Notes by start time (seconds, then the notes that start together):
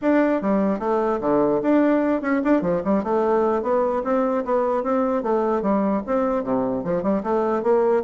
0.01 D4
0.41 G3
0.79 A3
1.20 D3
1.62 D4
2.21 C#4
2.44 D4
2.61 F3
2.84 G3
3.03 A3
3.62 B3
4.04 C4
4.44 B3
4.83 C4
5.22 A3
5.61 G3
6.06 C4
6.43 C3
6.83 F3
7.02 G3
7.23 A3
7.63 A#3